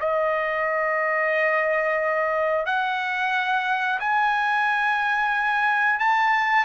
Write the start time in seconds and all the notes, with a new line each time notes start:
0.00 D#5
2.66 F#5
4.00 G#5
6.00 A5